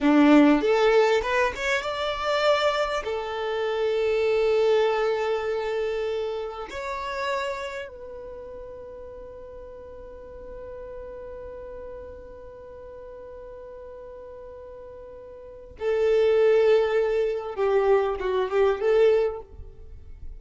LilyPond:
\new Staff \with { instrumentName = "violin" } { \time 4/4 \tempo 4 = 99 d'4 a'4 b'8 cis''8 d''4~ | d''4 a'2.~ | a'2. cis''4~ | cis''4 b'2.~ |
b'1~ | b'1~ | b'2 a'2~ | a'4 g'4 fis'8 g'8 a'4 | }